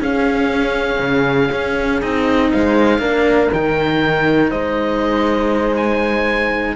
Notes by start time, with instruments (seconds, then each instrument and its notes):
0.00 cello C#4, horn G#4, oboe F5
0.99 cello C#3
1.52 cello C#4
2.01 cello C4 D#4, oboe D#5
2.51 cello G#3, horn C5, oboe F5
2.99 cello A#3 D4, horn A#4
3.53 cello D#3 D#4, oboe G5
4.50 cello G#3, horn C5, oboe D#5
5.76 oboe G#5